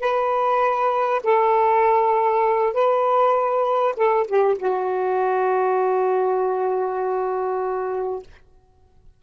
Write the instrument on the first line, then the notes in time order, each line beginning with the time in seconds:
saxophone
0.00 B4
1.23 A4
2.74 B4
3.96 A4
4.27 G4
4.59 F#4